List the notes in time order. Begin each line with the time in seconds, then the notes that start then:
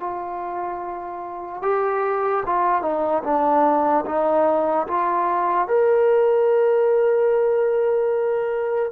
0.00 F4
1.63 G4
2.46 F4
2.82 D#4
3.24 D4
4.06 D#4
4.88 F4
5.68 A#4